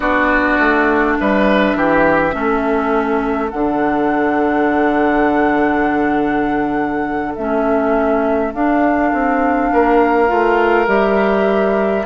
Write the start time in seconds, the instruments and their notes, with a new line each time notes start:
0.00 bassoon B3, clarinet D4, oboe F#4, flute D5
0.59 bassoon A3
1.19 bassoon G3, oboe B4, flute E5
1.75 bassoon E3, oboe G4
2.32 bassoon A3, clarinet C#4, oboe A4
3.50 bassoon D3, clarinet D4, flute F#5
7.35 bassoon A3, clarinet C#4, flute E5
8.53 bassoon D4, clarinet D4, flute F5
9.12 bassoon C4
9.72 bassoon A#3, oboe A#4
10.27 bassoon A3, clarinet F4
10.87 bassoon G3, clarinet G4, flute E5